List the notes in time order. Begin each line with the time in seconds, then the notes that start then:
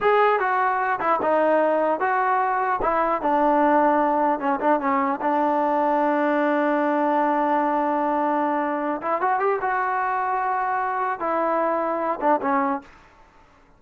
0.00 G#4
0.39 F#4
1.00 E4
1.22 D#4
2.00 F#4
2.81 E4
3.21 D4
4.39 C#4
4.60 D4
4.79 C#4
5.21 D4
9.01 E4
9.21 F#4
9.39 G4
9.61 F#4
11.19 E4
12.20 D4
12.41 C#4